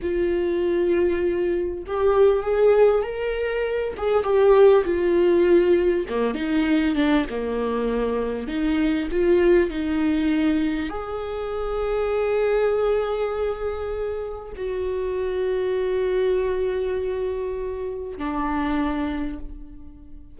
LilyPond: \new Staff \with { instrumentName = "viola" } { \time 4/4 \tempo 4 = 99 f'2. g'4 | gis'4 ais'4. gis'8 g'4 | f'2 ais8 dis'4 d'8 | ais2 dis'4 f'4 |
dis'2 gis'2~ | gis'1 | fis'1~ | fis'2 d'2 | }